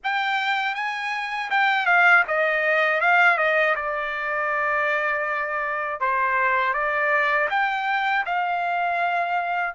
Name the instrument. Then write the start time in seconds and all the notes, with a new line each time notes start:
trumpet
0.03 G5
0.75 G#5
1.50 G5
1.86 F5
2.27 D#5
3.00 F5
3.38 D#5
3.75 D5
6.00 C5
6.73 D5
7.50 G5
8.25 F5